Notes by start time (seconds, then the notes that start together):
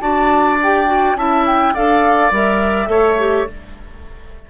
0.00 D4 F#4 D5 A5
0.62 G4 G5
0.86 F#4
1.15 C#4 E4 E5 A5
1.46 G5
1.74 D4 A4 D5 F5
2.31 G3 A#4 E5
2.86 A3 A4 C#5
3.18 G4